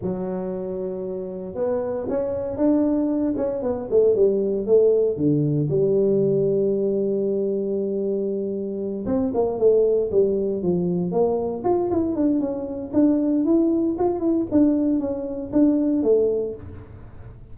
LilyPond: \new Staff \with { instrumentName = "tuba" } { \time 4/4 \tempo 4 = 116 fis2. b4 | cis'4 d'4. cis'8 b8 a8 | g4 a4 d4 g4~ | g1~ |
g4. c'8 ais8 a4 g8~ | g8 f4 ais4 f'8 e'8 d'8 | cis'4 d'4 e'4 f'8 e'8 | d'4 cis'4 d'4 a4 | }